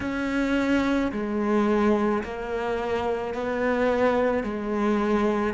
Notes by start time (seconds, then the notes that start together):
0.00 C#4
1.12 G#3
2.23 A#3
3.34 B3
4.43 G#3